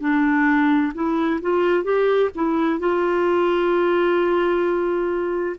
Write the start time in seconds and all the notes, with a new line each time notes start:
0.00 D4
0.94 E4
1.41 F4
1.84 G4
2.35 E4
2.79 F4